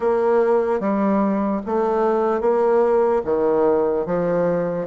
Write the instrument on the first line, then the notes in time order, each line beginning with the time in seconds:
bassoon
0.00 A#3
0.80 G3
1.65 A3
2.41 A#3
3.24 D#3
4.06 F3